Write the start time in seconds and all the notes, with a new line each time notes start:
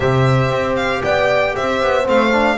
0.00 C3 G4 C5 E5
0.50 C4
0.76 F5
1.03 B3 D5 G5
1.55 C4 C5 E5
1.82 B3
2.03 A3 C4 F5
2.31 D4